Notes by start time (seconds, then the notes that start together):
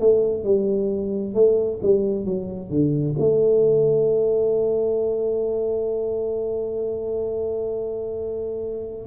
0.00 A3
0.44 G3
1.34 A3
1.82 G3
2.25 F#3
2.70 D3
3.19 A3